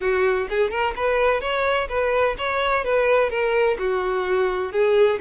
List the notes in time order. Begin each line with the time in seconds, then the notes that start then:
0.00 F#4
0.49 G#4
0.70 A#4
0.96 B4
1.40 C#5
1.88 B4
2.38 C#5
2.84 B4
3.29 A#4
3.78 F#4
4.72 G#4